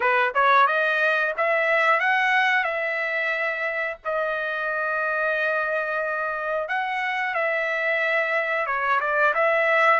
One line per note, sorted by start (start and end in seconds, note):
0.00 0.33 B4
0.34 0.67 C#5
0.67 1.33 D#5
1.37 2.00 E5
2.00 2.64 F#5
2.64 3.97 E5
4.05 6.68 D#5
6.68 7.34 F#5
7.34 8.66 E5
8.66 8.99 C#5
9.00 9.33 D5
9.34 10.00 E5